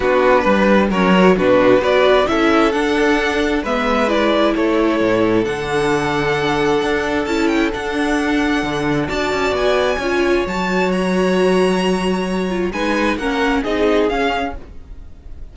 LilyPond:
<<
  \new Staff \with { instrumentName = "violin" } { \time 4/4 \tempo 4 = 132 b'2 cis''4 b'4 | d''4 e''4 fis''2 | e''4 d''4 cis''2 | fis''1 |
a''8 g''8 fis''2. | a''4 gis''2 a''4 | ais''1 | gis''4 fis''4 dis''4 f''4 | }
  \new Staff \with { instrumentName = "violin" } { \time 4/4 fis'4 b'4 ais'4 fis'4 | b'4 a'2. | b'2 a'2~ | a'1~ |
a'1 | d''2 cis''2~ | cis''1 | b'4 ais'4 gis'2 | }
  \new Staff \with { instrumentName = "viola" } { \time 4/4 d'2 cis'8 fis'8 d'4 | fis'4 e'4 d'2 | b4 e'2. | d'1 |
e'4 d'2. | fis'2 f'4 fis'4~ | fis'2.~ fis'8 f'8 | dis'4 cis'4 dis'4 cis'4 | }
  \new Staff \with { instrumentName = "cello" } { \time 4/4 b4 g4 fis4 b,4 | b4 cis'4 d'2 | gis2 a4 a,4 | d2. d'4 |
cis'4 d'2 d4 | d'8 cis'8 b4 cis'4 fis4~ | fis1 | gis4 ais4 c'4 cis'4 | }
>>